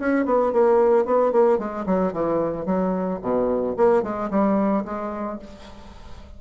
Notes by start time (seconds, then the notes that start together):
0.00 C#4
0.26 B3
0.53 A#3
1.05 B3
1.33 A#3
1.59 G#3
1.86 F#3
2.13 E3
2.66 F#3
3.22 B2
3.77 A#3
4.03 G#3
4.31 G3
4.86 G#3